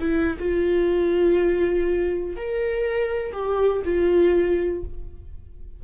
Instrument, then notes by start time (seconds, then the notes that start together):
viola
0.00 E4
0.39 F4
2.37 A#4
3.33 G4
3.85 F4